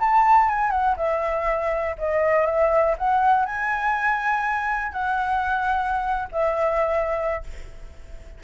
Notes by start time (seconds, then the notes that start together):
0.00 A5
0.50 G#5
0.71 F#5
0.97 E5
1.98 D#5
2.46 E5
2.98 F#5
3.46 G#5
4.92 F#5
6.32 E5